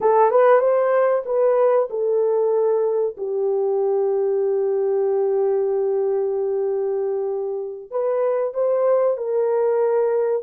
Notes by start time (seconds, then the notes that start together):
0.00 A4
0.30 B4
0.60 C5
1.25 B4
1.89 A4
3.17 G4
7.90 B4
8.53 C5
9.17 A#4